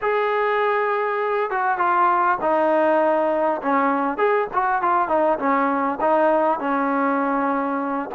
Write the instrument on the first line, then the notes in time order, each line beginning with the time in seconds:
trombone
0.01 G#4
1.50 F#4
1.78 F4
2.41 D#4
3.62 C#4
4.17 G#4
4.53 F#4
4.82 F4
5.08 D#4
5.38 C#4
6.01 D#4
6.59 C#4